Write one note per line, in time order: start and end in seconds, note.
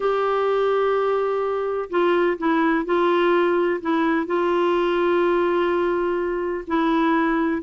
0.00 1.89 G4
1.90 2.37 F4
2.37 2.85 E4
2.85 3.80 F4
3.81 4.26 E4
4.26 6.64 F4
6.67 7.62 E4